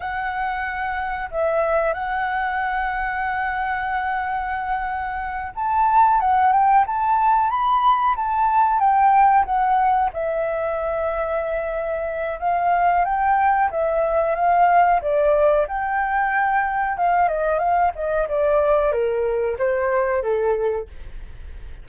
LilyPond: \new Staff \with { instrumentName = "flute" } { \time 4/4 \tempo 4 = 92 fis''2 e''4 fis''4~ | fis''1~ | fis''8 a''4 fis''8 g''8 a''4 b''8~ | b''8 a''4 g''4 fis''4 e''8~ |
e''2. f''4 | g''4 e''4 f''4 d''4 | g''2 f''8 dis''8 f''8 dis''8 | d''4 ais'4 c''4 a'4 | }